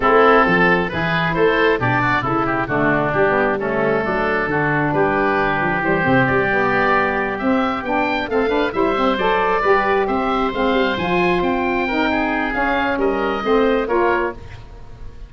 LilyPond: <<
  \new Staff \with { instrumentName = "oboe" } { \time 4/4 \tempo 4 = 134 a'2 b'4 c''4 | d''4 a'8 g'8 fis'4 g'4 | a'2. b'4~ | b'4 c''4 d''2~ |
d''8 e''4 g''4 f''4 e''8~ | e''8 d''2 e''4 f''8~ | f''8 gis''4 g''2~ g''8 | f''4 dis''2 cis''4 | }
  \new Staff \with { instrumentName = "oboe" } { \time 4/4 e'4 a'4 gis'4 a'4 | g'8 fis'8 e'4 d'2 | cis'4 d'4 fis'4 g'4~ | g'1~ |
g'2~ g'8 a'8 b'8 c''8~ | c''4. b'4 c''4.~ | c''2~ c''8 ais'8 gis'4~ | gis'4 ais'4 c''4 ais'4 | }
  \new Staff \with { instrumentName = "saxophone" } { \time 4/4 c'2 e'2 | d'4 e'4 a4 g16 b8. | a2 d'2~ | d'4 g8 c'4 b4.~ |
b8 c'4 d'4 c'8 d'8 e'8 | c'8 a'4 g'2 c'8~ | c'8 f'2 dis'4. | cis'2 c'4 f'4 | }
  \new Staff \with { instrumentName = "tuba" } { \time 4/4 a4 f4 e4 a4 | b,4 cis4 d4 g4~ | g4 fis4 d4 g4~ | g8 f8 e8 c8 g2~ |
g8 c'4 b4 a4 g8~ | g8 fis4 g4 c'4 gis8 | g8 f4 c'2~ c'8 | cis'4 g4 a4 ais4 | }
>>